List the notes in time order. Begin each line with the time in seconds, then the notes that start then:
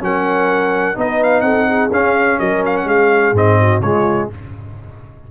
0.00 F#3 C#4 A#4 F#5
0.95 B3 D#4 B4 D#5
1.23 F5
1.41 C4 A4 F#5
1.67 G#4
1.91 C#4 F5
2.38 F#3 A#4 D#5
2.65 F5
2.77 F#5
2.85 G#3 G#4 F5
3.32 G#2 C4 D#5
3.60 F#4
3.80 C#3 G#3 F4 C#5